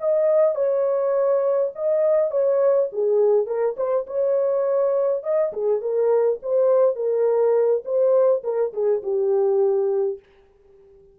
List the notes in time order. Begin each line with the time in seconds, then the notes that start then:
0.00 D#5
0.55 C#5
1.75 D#5
2.31 C#5
2.92 G#4
3.46 A#4
3.77 C5
4.07 C#5
5.23 D#5
5.53 G#4
5.81 A#4
6.42 C5
6.96 A#4
7.85 C5
8.43 A#4
8.73 G#4
9.03 G4